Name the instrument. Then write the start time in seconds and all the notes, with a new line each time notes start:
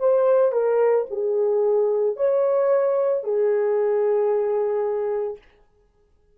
horn
0.00 C5
0.53 A#4
1.11 G#4
2.17 C#5
3.24 G#4